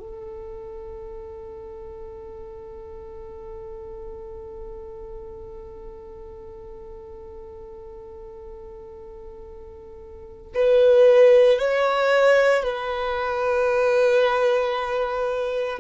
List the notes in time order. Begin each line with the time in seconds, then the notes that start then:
0.00 A4
10.55 B4
11.59 C#5
12.63 B4